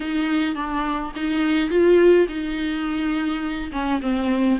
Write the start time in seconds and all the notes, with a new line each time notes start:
0.00 D#4
0.55 D4
1.15 D#4
1.69 F4
2.28 D#4
3.72 C#4
4.01 C4